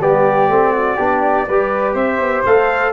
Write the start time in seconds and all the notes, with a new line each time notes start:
0.00 G3 B3 G4 D5
0.48 A3 C4
0.72 F#4
0.96 B3 D4 G4
1.47 G3 G4 B4
1.94 C4 C5 E5
2.18 B3
2.45 A3 A4 F5